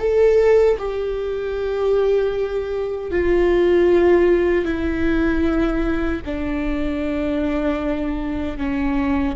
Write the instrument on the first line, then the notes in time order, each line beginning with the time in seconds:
viola
0.00 A4
0.79 G4
3.11 F4
4.65 E4
6.26 D4
8.58 C#4